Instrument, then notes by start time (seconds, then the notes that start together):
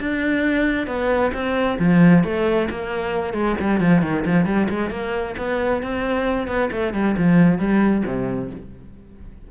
cello
0.00 D4
0.87 B3
1.34 C4
1.79 F3
2.24 A3
2.70 A#3
3.34 G#3
3.60 G3
3.80 F3
4.02 D#3
4.26 F3
4.45 G3
4.69 G#3
4.90 A#3
5.38 B3
5.83 C4
6.48 B3
6.71 A3
6.93 G3
7.17 F3
7.59 G3
8.06 C3